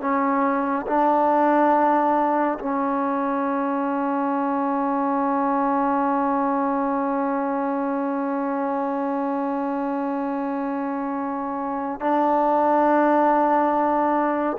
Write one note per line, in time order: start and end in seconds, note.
0.00 0.86 C#4
0.86 2.58 D4
2.59 12.00 C#4
12.00 14.57 D4